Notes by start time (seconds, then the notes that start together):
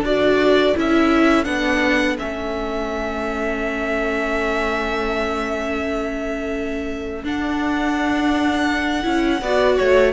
0.00 D4 F#4 A4 D5
0.75 C#4 E4 E5
1.45 B3 D4 F#5
2.19 A3 C#4 E5
7.24 D4 F#5
9.03 C#4 E4
9.42 B3 F#4 D5
9.77 A3 C#5